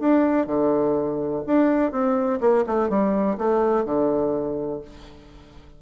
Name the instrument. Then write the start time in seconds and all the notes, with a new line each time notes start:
bassoon
0.00 D4
0.47 D3
1.47 D4
1.92 C4
2.41 A#3
2.67 A3
2.90 G3
3.38 A3
3.85 D3